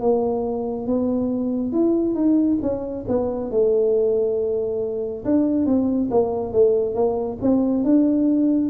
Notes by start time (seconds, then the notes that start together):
0.00 A#3
0.87 B3
1.73 E4
2.14 D#4
2.62 C#4
3.08 B3
3.51 A3
5.25 D4
5.66 C4
6.11 A#3
6.53 A3
6.94 A#3
7.42 C4
7.84 D4